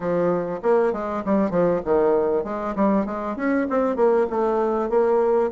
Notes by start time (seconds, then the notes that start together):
0.00 F3
0.62 A#3
0.92 G#3
1.25 G3
1.50 F3
1.85 D#3
2.44 G#3
2.75 G3
3.05 G#3
3.36 C#4
3.69 C4
3.96 A#3
4.30 A3
4.89 A#3